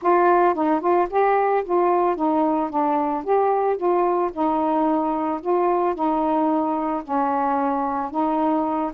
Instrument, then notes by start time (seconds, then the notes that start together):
saxophone
0.01 F4
0.54 D#4
0.80 F4
1.10 G4
1.64 F4
2.15 D#4
2.70 D4
3.24 G4
3.76 F4
4.32 D#4
5.41 F4
5.95 D#4
7.03 C#4
8.10 D#4